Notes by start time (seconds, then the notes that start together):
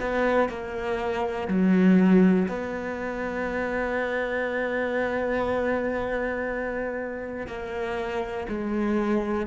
0.00 B3
0.49 A#3
1.47 F#3
2.48 B3
7.47 A#3
8.48 G#3